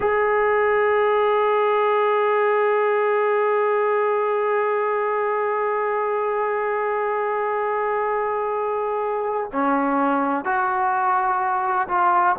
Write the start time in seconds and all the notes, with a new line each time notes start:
0.00 G#4
9.52 C#4
10.45 F#4
11.88 F4